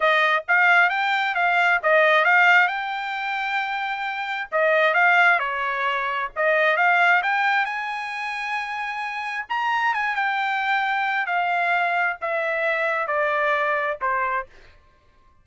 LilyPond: \new Staff \with { instrumentName = "trumpet" } { \time 4/4 \tempo 4 = 133 dis''4 f''4 g''4 f''4 | dis''4 f''4 g''2~ | g''2 dis''4 f''4 | cis''2 dis''4 f''4 |
g''4 gis''2.~ | gis''4 ais''4 gis''8 g''4.~ | g''4 f''2 e''4~ | e''4 d''2 c''4 | }